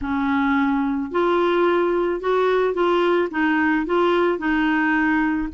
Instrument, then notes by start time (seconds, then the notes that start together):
clarinet
0.01 C#4
1.11 F4
2.20 F#4
2.73 F4
3.31 D#4
3.86 F4
4.38 D#4